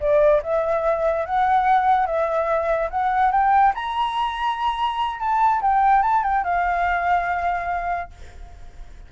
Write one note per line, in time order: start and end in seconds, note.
0.00 0.42 D5
0.43 1.26 E5
1.26 2.06 F#5
2.06 2.90 E5
2.91 3.31 F#5
3.31 3.73 G5
3.74 5.20 A#5
5.20 5.61 A5
5.62 6.02 G5
6.02 6.23 A5
6.23 6.44 G5
6.44 8.11 F5